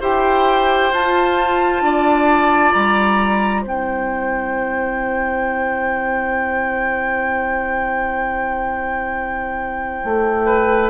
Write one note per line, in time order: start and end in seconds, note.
0.00 0.92 E4
0.00 0.92 G4
0.00 1.82 C5
0.00 0.93 G5
0.92 1.81 F4
0.92 3.66 F4
0.92 2.72 A5
1.81 2.72 D4
1.81 3.62 D5
2.72 3.64 G3
2.72 3.63 A#5
3.62 10.01 C4
3.62 10.89 E4
3.62 10.44 C5
3.62 10.89 G5
10.04 10.89 A3
10.45 10.89 B4